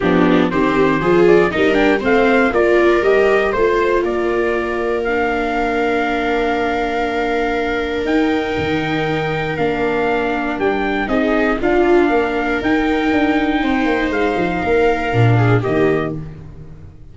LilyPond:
<<
  \new Staff \with { instrumentName = "trumpet" } { \time 4/4 \tempo 4 = 119 g'4 c''4. d''8 dis''8 g''8 | f''4 d''4 dis''4 c''4 | d''2 f''2~ | f''1 |
g''2. f''4~ | f''4 g''4 dis''4 f''4~ | f''4 g''2. | f''2. dis''4 | }
  \new Staff \with { instrumentName = "viola" } { \time 4/4 d'4 g'4 gis'4 ais'4 | c''4 ais'2 c''4 | ais'1~ | ais'1~ |
ais'1~ | ais'2 gis'4 f'4 | ais'2. c''4~ | c''4 ais'4. gis'8 g'4 | }
  \new Staff \with { instrumentName = "viola" } { \time 4/4 b4 c'4 f'4 dis'8 d'8 | c'4 f'4 g'4 f'4~ | f'2 d'2~ | d'1 |
dis'2. d'4~ | d'2 dis'4 d'4~ | d'4 dis'2.~ | dis'2 d'4 ais4 | }
  \new Staff \with { instrumentName = "tuba" } { \time 4/4 f4 dis4 f4 g4 | a4 ais4 g4 a4 | ais1~ | ais1 |
dis'4 dis2 ais4~ | ais4 g4 c'4 d'4 | ais4 dis'4 d'4 c'8 ais8 | gis8 f8 ais4 ais,4 dis4 | }
>>